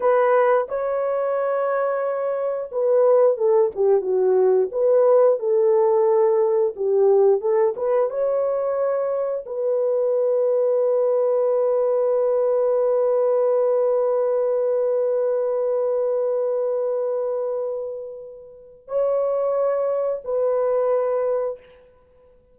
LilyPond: \new Staff \with { instrumentName = "horn" } { \time 4/4 \tempo 4 = 89 b'4 cis''2. | b'4 a'8 g'8 fis'4 b'4 | a'2 g'4 a'8 b'8 | cis''2 b'2~ |
b'1~ | b'1~ | b'1 | cis''2 b'2 | }